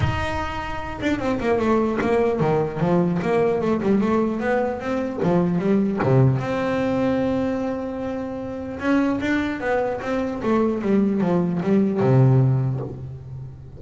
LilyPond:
\new Staff \with { instrumentName = "double bass" } { \time 4/4 \tempo 4 = 150 dis'2~ dis'8 d'8 c'8 ais8 | a4 ais4 dis4 f4 | ais4 a8 g8 a4 b4 | c'4 f4 g4 c4 |
c'1~ | c'2 cis'4 d'4 | b4 c'4 a4 g4 | f4 g4 c2 | }